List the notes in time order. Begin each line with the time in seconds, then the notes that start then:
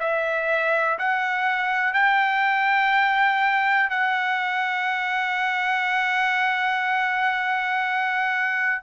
0.00 E5
0.99 F#5
1.94 G5
3.90 F#5